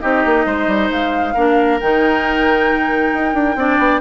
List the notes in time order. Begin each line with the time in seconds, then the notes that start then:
0.00 C4 D#4 G4 D#5
0.25 A#3
0.45 G#3 C5
0.67 G3
0.90 G#3 F5
1.34 A#3 D4 A#4
1.79 D#3 D#4 G5
3.13 D#4
3.33 D4
3.55 C4 D4 D5
3.78 B3